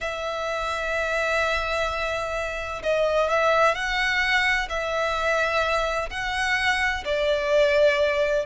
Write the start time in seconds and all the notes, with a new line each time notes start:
0.01 E5
2.83 D#5
3.29 E5
3.74 F#5
4.69 E5
6.10 F#5
7.04 D5